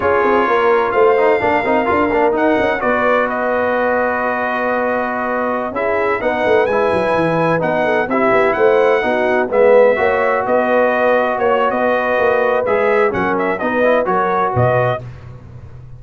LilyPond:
<<
  \new Staff \with { instrumentName = "trumpet" } { \time 4/4 \tempo 4 = 128 cis''2 f''2~ | f''4 fis''4 d''4 dis''4~ | dis''1~ | dis''16 e''4 fis''4 gis''4.~ gis''16~ |
gis''16 fis''4 e''4 fis''4.~ fis''16~ | fis''16 e''2 dis''4.~ dis''16~ | dis''16 cis''8. dis''2 e''4 | fis''8 e''8 dis''4 cis''4 dis''4 | }
  \new Staff \with { instrumentName = "horn" } { \time 4/4 gis'4 ais'4 c''4 ais'4~ | ais'2 b'2~ | b'1~ | b'16 gis'4 b'2~ b'8.~ |
b'8. a'8 g'4 c''4 fis'8.~ | fis'16 b'4 cis''4 b'4.~ b'16~ | b'16 cis''8. b'2. | ais'4 b'4 ais'4 b'4 | }
  \new Staff \with { instrumentName = "trombone" } { \time 4/4 f'2~ f'8 dis'8 d'8 dis'8 | f'8 d'8 dis'4 fis'2~ | fis'1~ | fis'16 e'4 dis'4 e'4.~ e'16~ |
e'16 dis'4 e'2 dis'8.~ | dis'16 b4 fis'2~ fis'8.~ | fis'2. gis'4 | cis'4 dis'8 e'8 fis'2 | }
  \new Staff \with { instrumentName = "tuba" } { \time 4/4 cis'8 c'8 ais4 a4 ais8 c'8 | d'8 ais8 dis'8 cis'8 b2~ | b1~ | b16 cis'4 b8 a8 gis8 fis8 e8.~ |
e16 b4 c'8 b8 a4 b8.~ | b16 gis4 ais4 b4.~ b16~ | b16 ais8. b4 ais4 gis4 | fis4 b4 fis4 b,4 | }
>>